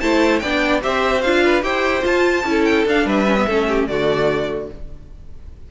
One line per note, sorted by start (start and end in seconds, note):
0.00 0.42 A3
0.00 0.41 E4
0.00 0.41 C5
0.00 0.39 A5
0.39 0.84 B3
0.39 0.82 D4
0.39 0.82 D5
0.39 0.80 G5
0.82 1.25 C4
0.82 1.23 G4
0.82 1.44 C5
0.82 1.22 E5
1.22 1.62 D4
1.22 1.62 F4
1.22 1.62 F5
1.45 1.64 B4
1.62 2.03 E4
1.62 2.02 G4
1.62 2.46 C5
1.62 2.05 G5
2.02 2.42 F4
2.02 2.44 F4
2.02 2.64 A5
2.44 2.85 C#4
2.44 2.86 E4
2.44 3.06 A4
2.64 2.85 G5
2.86 3.05 D4
2.86 3.27 D4
2.86 3.09 F5
3.05 3.46 G3
3.05 3.47 B4
3.05 3.87 E5
3.27 3.37 C#4
3.37 3.47 B3
3.47 3.87 A3
3.47 3.89 C#4
3.47 3.67 A4
3.68 3.88 G4
3.87 4.69 D3
3.87 4.71 A3
3.87 4.71 F#4
3.87 4.69 D5